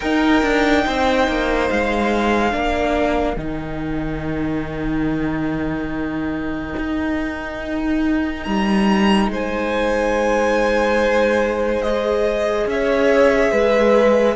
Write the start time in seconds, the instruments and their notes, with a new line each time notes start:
0.00 cello D#4, viola D#4, violin A#4 G5
0.42 cello D4
0.86 cello C4, violin C5
1.27 cello A#3
1.69 cello G#3, violin F5
2.51 cello A#3, viola D4, violin A#4
3.36 cello D#3, viola D#4, violin G5
6.76 cello D#4
8.43 cello G3, violin A#5
9.28 cello G#3, violin C5 G#5
11.82 viola G#4, violin D#5
12.66 cello C#4, violin C#5 E5
13.51 cello G#3, violin B4